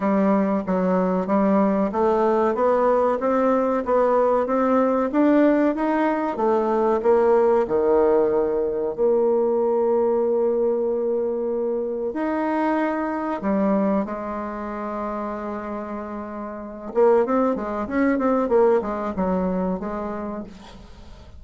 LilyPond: \new Staff \with { instrumentName = "bassoon" } { \time 4/4 \tempo 4 = 94 g4 fis4 g4 a4 | b4 c'4 b4 c'4 | d'4 dis'4 a4 ais4 | dis2 ais2~ |
ais2. dis'4~ | dis'4 g4 gis2~ | gis2~ gis8 ais8 c'8 gis8 | cis'8 c'8 ais8 gis8 fis4 gis4 | }